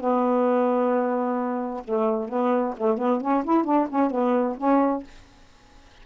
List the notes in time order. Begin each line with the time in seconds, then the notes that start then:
0.00 B3
1.84 A3
2.28 B3
2.77 A3
2.98 B3
3.21 C#4
3.44 E4
3.64 D4
3.89 C#4
4.10 B3
4.57 C#4